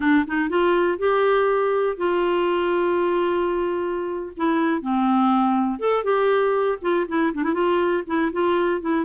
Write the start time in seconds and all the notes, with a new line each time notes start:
0.00 D4
0.27 D#4
0.49 F4
0.98 G4
1.97 F4
4.36 E4
4.81 C4
5.79 A4
6.04 G4
6.81 F4
7.08 E4
7.34 D4
7.43 E4
7.53 F4
8.06 E4
8.32 F4
8.81 E4